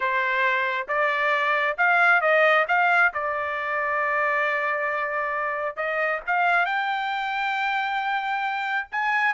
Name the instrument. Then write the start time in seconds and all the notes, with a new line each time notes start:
trumpet
0.00 C5
0.87 D5
1.77 F5
2.21 D#5
2.68 F5
3.13 D5
5.76 D#5
6.26 F5
6.65 G5
8.91 G#5